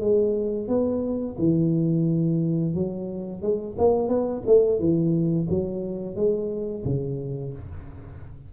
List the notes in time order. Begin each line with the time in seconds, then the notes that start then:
0.00 G#3
0.68 B3
1.38 E3
2.74 F#3
3.42 G#3
3.77 A#3
4.08 B3
4.46 A3
4.79 E3
5.49 F#3
6.15 G#3
6.85 C#3